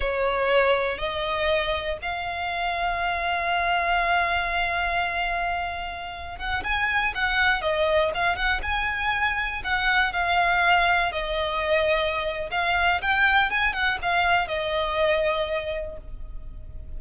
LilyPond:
\new Staff \with { instrumentName = "violin" } { \time 4/4 \tempo 4 = 120 cis''2 dis''2 | f''1~ | f''1~ | f''8. fis''8 gis''4 fis''4 dis''8.~ |
dis''16 f''8 fis''8 gis''2 fis''8.~ | fis''16 f''2 dis''4.~ dis''16~ | dis''4 f''4 g''4 gis''8 fis''8 | f''4 dis''2. | }